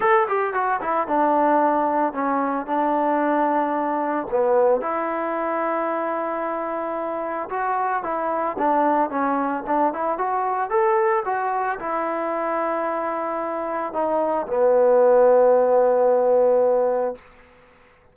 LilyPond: \new Staff \with { instrumentName = "trombone" } { \time 4/4 \tempo 4 = 112 a'8 g'8 fis'8 e'8 d'2 | cis'4 d'2. | b4 e'2.~ | e'2 fis'4 e'4 |
d'4 cis'4 d'8 e'8 fis'4 | a'4 fis'4 e'2~ | e'2 dis'4 b4~ | b1 | }